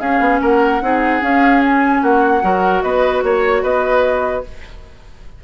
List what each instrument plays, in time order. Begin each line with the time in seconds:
0.00 bassoon C#4, clarinet C#4, oboe G#4, flute F5
0.20 bassoon B3
0.42 bassoon A#3, oboe A#4, flute F#5
0.82 bassoon C4, clarinet D#4, oboe G#4
1.21 clarinet C#4, bassoon C#4, flute F5
1.66 flute G#5
2.03 bassoon A#3, oboe F#4, flute F#5
2.42 bassoon F#3, clarinet F#4, oboe A#4
2.83 bassoon B3, oboe B4, flute D#5
3.23 bassoon A#3, flute C#5, oboe C#5
3.63 bassoon B3, oboe B4, flute D#5